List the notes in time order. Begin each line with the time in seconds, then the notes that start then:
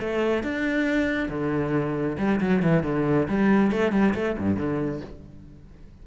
0.00 A3
0.44 D4
1.29 D3
2.18 G3
2.41 F#3
2.62 E3
2.84 D3
3.28 G3
3.72 A3
3.92 G3
4.15 A3
4.39 G2
4.57 D3